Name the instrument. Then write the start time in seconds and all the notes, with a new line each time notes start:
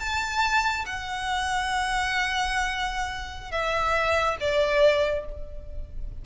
violin
0.00 A5
0.86 F#5
3.51 E5
4.40 D5